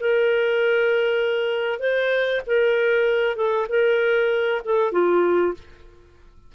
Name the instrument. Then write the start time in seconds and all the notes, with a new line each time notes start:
clarinet
0.00 A#4
1.79 C5
2.46 A#4
3.36 A4
3.69 A#4
4.65 A4
4.92 F4